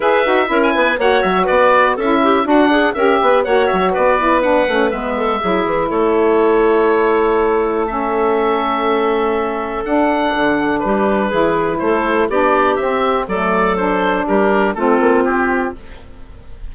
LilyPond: <<
  \new Staff \with { instrumentName = "oboe" } { \time 4/4 \tempo 4 = 122 e''4~ e''16 gis''8. fis''8 e''8 d''4 | e''4 fis''4 e''4 fis''8 e''8 | d''4 fis''4 e''2 | cis''1 |
e''1 | fis''2 b'2 | c''4 d''4 e''4 d''4 | c''4 ais'4 a'4 g'4 | }
  \new Staff \with { instrumentName = "clarinet" } { \time 4/4 b'4 ais'8 b'8 cis''4 b'4 | a'8 g'8 fis'8 gis'8 ais'8 b'8 cis''4 | b'2~ b'8 a'8 gis'4 | a'1~ |
a'1~ | a'2 g'4 gis'4 | a'4 g'2 a'4~ | a'4 g'4 f'2 | }
  \new Staff \with { instrumentName = "saxophone" } { \time 4/4 gis'8 fis'8 e'4 fis'2 | e'4 d'4 g'4 fis'4~ | fis'8 e'8 d'8 cis'8 b4 e'4~ | e'1 |
cis'1 | d'2. e'4~ | e'4 d'4 c'4 a4 | d'2 c'2 | }
  \new Staff \with { instrumentName = "bassoon" } { \time 4/4 e'8 dis'8 cis'8 b8 ais8 fis8 b4 | cis'4 d'4 cis'8 b8 ais8 fis8 | b4. a8 gis4 fis8 e8 | a1~ |
a1 | d'4 d4 g4 e4 | a4 b4 c'4 fis4~ | fis4 g4 a8 ais8 c'4 | }
>>